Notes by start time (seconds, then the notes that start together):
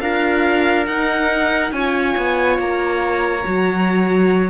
0.00 D4 F4 A#4 F5
0.86 D#4 F#5
1.72 C#4 F4 C#5 G#5
2.17 B3
2.58 A#3 A#5
3.43 F#3 F#4